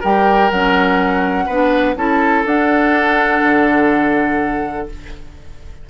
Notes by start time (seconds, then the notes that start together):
0.00 G3 G4 A#4 G5
0.51 F#3 C#4 F#5
1.46 B3 D4 B4
1.96 C#4 E4 A4 A5
2.45 D4 F#5
3.42 D3